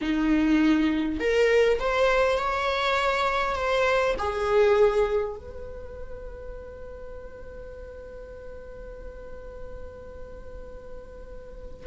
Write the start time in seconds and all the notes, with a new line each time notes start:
0.01 D#4
1.20 A#4
1.79 C5
2.38 C#5
3.55 C5
4.18 G#4
5.36 B4